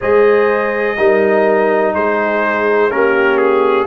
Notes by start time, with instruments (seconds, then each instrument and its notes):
0.00 tuba G#3, trombone G#4, horn C5, trumpet D#5
0.97 tuba G3, trombone D#4, horn A#4
1.94 tuba G#3, horn G#4, trumpet C5
2.90 tuba A#3, trombone C#4, horn G4, trumpet A#4
3.37 trumpet G#4